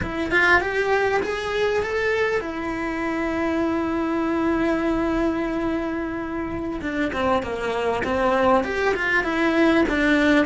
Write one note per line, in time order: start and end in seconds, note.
0.02 0.31 E4
0.31 0.60 F4
0.60 1.21 G4
1.22 1.82 G#4
1.83 2.40 A4
2.40 6.80 E4
6.81 7.11 D4
7.12 7.42 C4
7.42 8.03 A#3
8.03 8.64 C4
8.64 8.94 G4
8.94 9.23 F4
9.23 9.84 E4
9.88 10.45 D4